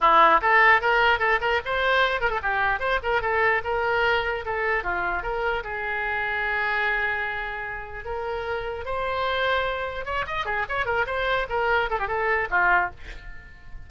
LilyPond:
\new Staff \with { instrumentName = "oboe" } { \time 4/4 \tempo 4 = 149 e'4 a'4 ais'4 a'8 ais'8 | c''4. ais'16 a'16 g'4 c''8 ais'8 | a'4 ais'2 a'4 | f'4 ais'4 gis'2~ |
gis'1 | ais'2 c''2~ | c''4 cis''8 dis''8 gis'8 cis''8 ais'8 c''8~ | c''8 ais'4 a'16 g'16 a'4 f'4 | }